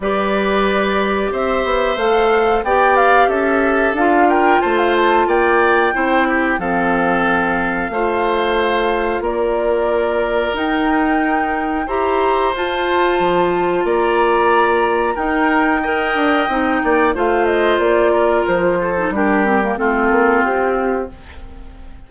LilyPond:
<<
  \new Staff \with { instrumentName = "flute" } { \time 4/4 \tempo 4 = 91 d''2 e''4 f''4 | g''8 f''8 e''4 f''8 g''8 a''16 f''16 a''8 | g''2 f''2~ | f''2 d''2 |
g''2 ais''4 a''4~ | a''4 ais''2 g''4~ | g''2 f''8 dis''8 d''4 | c''4 ais'4 a'4 g'4 | }
  \new Staff \with { instrumentName = "oboe" } { \time 4/4 b'2 c''2 | d''4 a'4. ais'8 c''4 | d''4 c''8 g'8 a'2 | c''2 ais'2~ |
ais'2 c''2~ | c''4 d''2 ais'4 | dis''4. d''8 c''4. ais'8~ | ais'8 a'8 g'4 f'2 | }
  \new Staff \with { instrumentName = "clarinet" } { \time 4/4 g'2. a'4 | g'2 f'2~ | f'4 e'4 c'2 | f'1 |
dis'2 g'4 f'4~ | f'2. dis'4 | ais'4 dis'4 f'2~ | f'8. dis'16 d'8 c'16 ais16 c'2 | }
  \new Staff \with { instrumentName = "bassoon" } { \time 4/4 g2 c'8 b8 a4 | b4 cis'4 d'4 a4 | ais4 c'4 f2 | a2 ais2 |
dis'2 e'4 f'4 | f4 ais2 dis'4~ | dis'8 d'8 c'8 ais8 a4 ais4 | f4 g4 a8 ais8 c'4 | }
>>